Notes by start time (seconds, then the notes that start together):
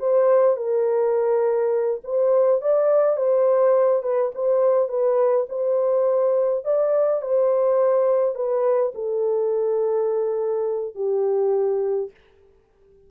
0.00 C5
0.57 A#4
2.04 C5
2.62 D5
3.17 C5
4.03 B4
4.35 C5
4.89 B4
5.50 C5
6.65 D5
7.22 C5
8.35 B4
8.95 A4
10.96 G4